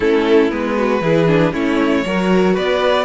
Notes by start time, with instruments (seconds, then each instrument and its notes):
0.00 cello A3, viola C#4, violin E4 A4
0.50 cello G#3, viola B3, violin B4
0.76 violin F#4
1.01 cello E3, viola E4, violin G#4
1.27 viola D4
1.52 cello A3, viola C#4, violin E4 C#5
2.05 cello F#3, viola F#4, violin A#4
2.53 cello B3, violin B4 D5